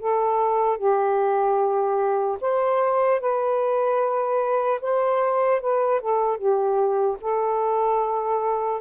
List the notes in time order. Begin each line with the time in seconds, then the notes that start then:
0.00 A4
0.78 G4
2.41 C5
3.21 B4
4.82 C5
5.61 B4
6.01 A4
6.37 G4
7.21 A4